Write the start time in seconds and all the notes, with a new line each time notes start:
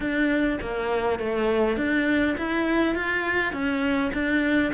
0.00 D4
0.61 A#3
1.19 A3
1.76 D4
2.37 E4
2.95 F4
3.53 C#4
4.13 D4